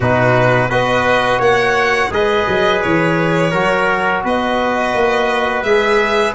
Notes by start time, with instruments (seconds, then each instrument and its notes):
0.00 tuba B2, trombone D#4, trumpet F#4, violin B4
0.69 tuba B3, trombone F#4, trumpet B4, violin D#5
1.38 tuba A#3, trumpet C#5, violin F#5
2.10 tuba G#3, trombone G#4, trumpet B4, violin D#5
2.48 tuba F#3
2.81 tuba E3, violin C#5
3.50 tuba F#3, trombone F#4, trumpet A#4
4.24 tuba B3, trumpet B4, violin D#5
4.94 tuba A#3
5.62 tuba G#3, trombone G#4, violin E5